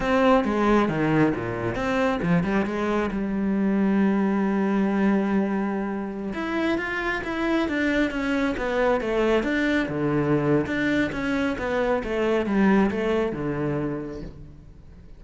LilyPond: \new Staff \with { instrumentName = "cello" } { \time 4/4 \tempo 4 = 135 c'4 gis4 dis4 ais,4 | c'4 f8 g8 gis4 g4~ | g1~ | g2~ g16 e'4 f'8.~ |
f'16 e'4 d'4 cis'4 b8.~ | b16 a4 d'4 d4.~ d16 | d'4 cis'4 b4 a4 | g4 a4 d2 | }